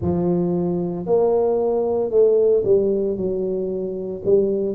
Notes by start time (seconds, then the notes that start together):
0.01 F3
1.05 A#3
2.10 A3
2.64 G3
3.16 F#3
4.24 G3